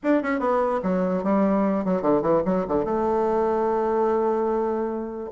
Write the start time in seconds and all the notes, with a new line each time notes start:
0.03 D4
0.22 C#4
0.39 B3
0.82 F#3
1.23 G3
1.84 F#3
2.02 D3
2.22 E3
2.45 F#3
2.68 D3
2.85 A3